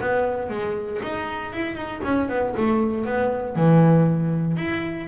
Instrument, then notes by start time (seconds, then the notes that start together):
double bass
0.00 B3
0.49 G#3
1.02 D#4
1.53 E4
1.75 D#4
2.03 C#4
2.29 B3
2.57 A3
3.05 B3
3.55 E3
4.57 E4